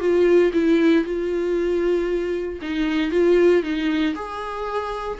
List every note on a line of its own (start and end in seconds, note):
0.00 0.52 F4
0.53 1.05 E4
1.05 2.60 F4
2.62 3.11 D#4
3.11 3.63 F4
3.63 4.14 D#4
4.15 5.18 G#4